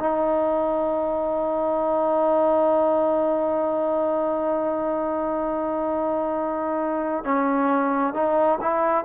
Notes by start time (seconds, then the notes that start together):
0.00 D#4
7.24 C#4
8.14 D#4
8.62 E4